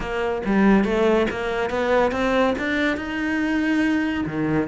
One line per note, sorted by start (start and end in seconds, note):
0.00 0.41 A#3
0.45 0.84 G3
0.84 1.27 A3
1.30 1.69 A#3
1.69 2.11 B3
2.11 2.54 C4
2.58 2.96 D4
2.96 4.24 D#4
4.26 4.68 D#3